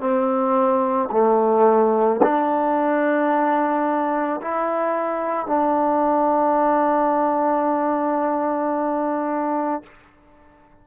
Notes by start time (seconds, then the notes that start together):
0.00 C4
1.12 A3
2.23 D4
4.42 E4
5.46 D4